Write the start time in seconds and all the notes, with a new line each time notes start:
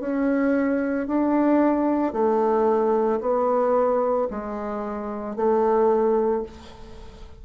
0.00 C#4
1.07 D4
2.13 A3
3.20 B3
4.31 G#3
5.36 A3